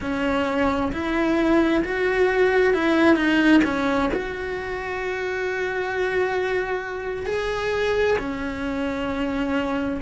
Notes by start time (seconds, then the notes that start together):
0.00 C#4
0.92 E4
1.84 F#4
2.73 E4
3.15 D#4
3.64 C#4
4.13 F#4
7.26 G#4
8.18 C#4